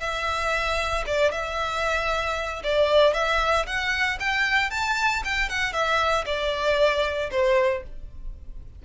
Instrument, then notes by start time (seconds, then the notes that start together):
violin
0.00 E5
1.06 D5
1.32 E5
2.64 D5
3.14 E5
3.66 F#5
4.20 G5
4.71 A5
5.24 G5
5.49 F#5
5.73 E5
6.26 D5
7.31 C5